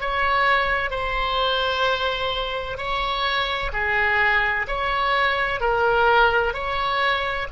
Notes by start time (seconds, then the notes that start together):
0.00 C#5
0.90 C5
2.77 C#5
3.72 G#4
4.67 C#5
5.60 A#4
6.53 C#5